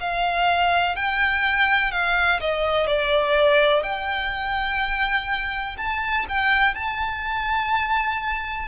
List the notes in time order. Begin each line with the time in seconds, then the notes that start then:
0.00 F5
0.96 G5
1.91 F5
2.40 D#5
2.86 D5
3.83 G5
5.77 A5
6.28 G5
6.74 A5